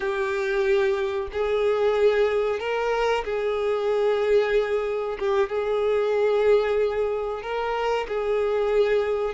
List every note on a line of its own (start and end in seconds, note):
0.00 1.28 G4
1.32 2.59 G#4
2.59 3.24 A#4
3.24 5.18 G#4
5.19 5.49 G4
5.49 7.42 G#4
7.42 8.06 A#4
8.08 9.34 G#4